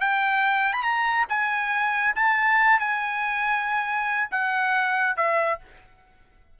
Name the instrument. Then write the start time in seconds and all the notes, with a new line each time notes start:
trumpet
0.00 G5
0.73 B5
0.82 A#5
1.29 G#5
2.15 A5
2.79 G#5
4.31 F#5
5.17 E5